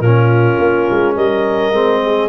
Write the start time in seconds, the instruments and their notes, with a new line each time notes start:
0.00 tuba A#2, trombone C#4, horn F4, clarinet A#4
0.58 tuba A#3
0.90 tuba G#3
1.14 tuba G3, horn A#4, clarinet D#5
1.72 tuba G#3, trombone C4
2.05 horn G#4